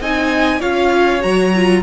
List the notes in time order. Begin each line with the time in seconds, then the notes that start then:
0.00 C4 D#4 D#5 G#5
0.59 C#4 F4 C#5 F5
1.21 F#3 F#4 A#5
1.56 F4